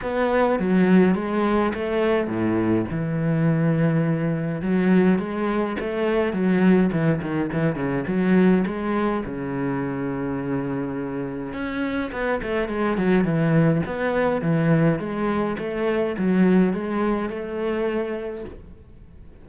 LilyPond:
\new Staff \with { instrumentName = "cello" } { \time 4/4 \tempo 4 = 104 b4 fis4 gis4 a4 | a,4 e2. | fis4 gis4 a4 fis4 | e8 dis8 e8 cis8 fis4 gis4 |
cis1 | cis'4 b8 a8 gis8 fis8 e4 | b4 e4 gis4 a4 | fis4 gis4 a2 | }